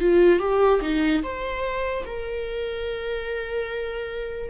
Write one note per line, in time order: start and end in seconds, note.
0.00 0.39 F4
0.39 0.80 G4
0.81 1.22 D#4
1.23 2.05 C5
2.05 4.49 A#4